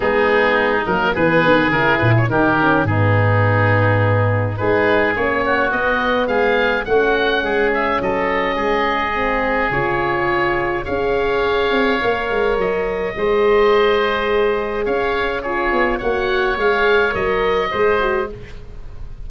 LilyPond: <<
  \new Staff \with { instrumentName = "oboe" } { \time 4/4 \tempo 4 = 105 gis'4. ais'8 b'4 ais'8 b'16 cis''16 | ais'4 gis'2. | b'4 cis''4 dis''4 f''4 | fis''4. e''8 dis''2~ |
dis''4 cis''2 f''4~ | f''2 dis''2~ | dis''2 f''4 cis''4 | fis''4 f''4 dis''2 | }
  \new Staff \with { instrumentName = "oboe" } { \time 4/4 dis'2 gis'2 | g'4 dis'2. | gis'4. fis'4. gis'4 | fis'4 gis'4 a'4 gis'4~ |
gis'2. cis''4~ | cis''2. c''4~ | c''2 cis''4 gis'4 | cis''2. c''4 | }
  \new Staff \with { instrumentName = "horn" } { \time 4/4 b4. ais8 b4 e'4 | dis'8 cis'8 b2. | dis'4 cis'4 b2 | cis'1 |
c'4 f'2 gis'4~ | gis'4 ais'2 gis'4~ | gis'2. f'4 | fis'4 gis'4 ais'4 gis'8 fis'8 | }
  \new Staff \with { instrumentName = "tuba" } { \time 4/4 gis4. fis8 e8 dis8 cis8 ais,8 | dis4 gis,2. | gis4 ais4 b4 gis4 | a4 gis4 fis4 gis4~ |
gis4 cis2 cis'4~ | cis'8 c'8 ais8 gis8 fis4 gis4~ | gis2 cis'4. b8 | ais4 gis4 fis4 gis4 | }
>>